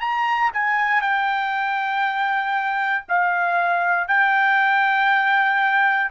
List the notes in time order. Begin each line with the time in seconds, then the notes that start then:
0.00 A#5
0.53 G#5
1.01 G5
3.08 F5
4.08 G5